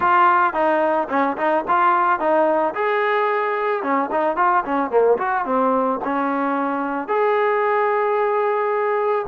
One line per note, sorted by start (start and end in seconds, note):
0.00 0.53 F4
0.53 1.08 D#4
1.09 1.36 C#4
1.37 1.64 D#4
1.68 2.19 F4
2.19 2.74 D#4
2.74 3.82 G#4
3.82 4.10 C#4
4.11 4.36 D#4
4.36 4.63 F4
4.64 4.90 C#4
4.90 5.17 A#3
5.18 5.45 F#4
5.45 6.00 C4
6.04 7.08 C#4
7.08 9.26 G#4